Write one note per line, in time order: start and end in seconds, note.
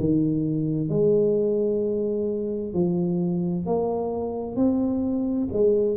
0.00 0.89 D#3
0.89 2.74 G#3
2.74 3.66 F3
3.66 4.57 A#3
4.57 5.49 C4
5.53 5.97 G#3